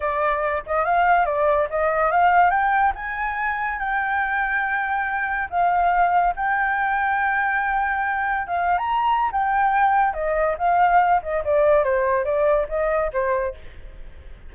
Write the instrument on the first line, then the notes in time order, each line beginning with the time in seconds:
flute
0.00 D5
0.66 D#5
0.84 F5
1.25 D5
1.70 D#5
2.11 F5
2.50 G5
2.95 G#5
3.79 G5
5.50 F5
6.36 G5
8.47 F5
8.78 A#5
9.31 G5
10.13 D#5
10.58 F5
11.22 D#5
11.44 D5
11.84 C5
12.24 D5
12.69 D#5
13.12 C5